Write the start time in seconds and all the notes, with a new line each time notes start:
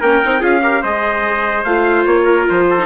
0.00 A#3 C#4 A#4 G5
0.24 C4 D#4
0.39 C#4 F4 G#4 F5
0.62 G4 A#4
0.81 G#3 G#4 C5 D#5
1.64 A3 F4 F5
2.05 A#3 C#5
2.24 A#4
2.49 F3 C5
2.69 A4
2.79 D#4